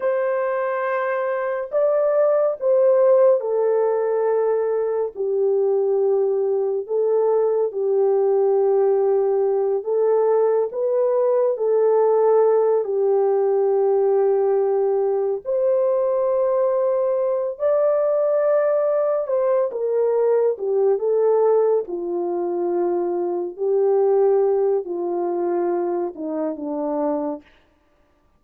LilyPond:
\new Staff \with { instrumentName = "horn" } { \time 4/4 \tempo 4 = 70 c''2 d''4 c''4 | a'2 g'2 | a'4 g'2~ g'8 a'8~ | a'8 b'4 a'4. g'4~ |
g'2 c''2~ | c''8 d''2 c''8 ais'4 | g'8 a'4 f'2 g'8~ | g'4 f'4. dis'8 d'4 | }